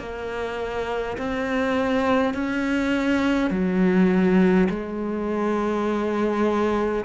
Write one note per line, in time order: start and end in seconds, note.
0.00 1.18 A#3
1.18 2.34 C4
2.34 3.51 C#4
3.51 4.68 F#3
4.70 7.05 G#3